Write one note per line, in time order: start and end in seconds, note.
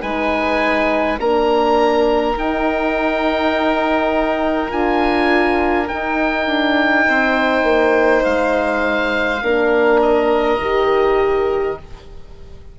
0.00 1.19 G#3
0.00 1.18 D#4
0.00 1.19 B4
0.00 1.19 G#5
1.19 2.35 A#3
1.19 2.36 D4
1.19 7.07 A#4
1.19 2.37 A#5
2.35 4.71 D#4
2.35 4.68 D#4
2.35 4.71 G5
4.68 5.89 D4
4.68 5.86 F4
4.68 5.88 G#5
5.88 9.41 D#4
5.88 6.46 D#4
5.88 8.23 G5
6.46 7.05 D4
7.07 7.63 C4
7.07 9.42 C5
7.63 8.22 A#3
8.24 9.42 G#3
8.24 10.00 F5
9.42 10.59 A#3
9.42 10.61 D4
9.42 11.78 A#4
10.01 11.78 D#5
10.59 11.77 D#3
10.59 11.79 G4